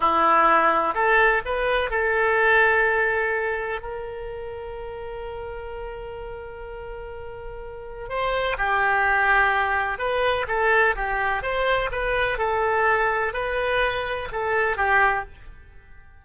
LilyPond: \new Staff \with { instrumentName = "oboe" } { \time 4/4 \tempo 4 = 126 e'2 a'4 b'4 | a'1 | ais'1~ | ais'1~ |
ais'4 c''4 g'2~ | g'4 b'4 a'4 g'4 | c''4 b'4 a'2 | b'2 a'4 g'4 | }